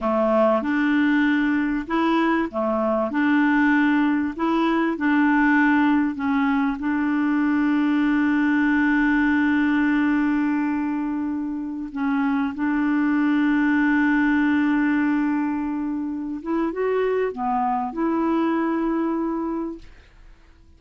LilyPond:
\new Staff \with { instrumentName = "clarinet" } { \time 4/4 \tempo 4 = 97 a4 d'2 e'4 | a4 d'2 e'4 | d'2 cis'4 d'4~ | d'1~ |
d'2.~ d'16 cis'8.~ | cis'16 d'2.~ d'8.~ | d'2~ d'8 e'8 fis'4 | b4 e'2. | }